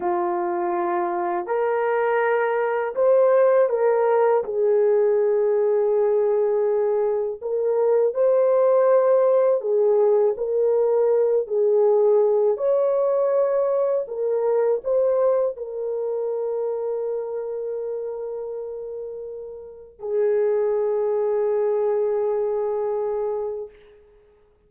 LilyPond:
\new Staff \with { instrumentName = "horn" } { \time 4/4 \tempo 4 = 81 f'2 ais'2 | c''4 ais'4 gis'2~ | gis'2 ais'4 c''4~ | c''4 gis'4 ais'4. gis'8~ |
gis'4 cis''2 ais'4 | c''4 ais'2.~ | ais'2. gis'4~ | gis'1 | }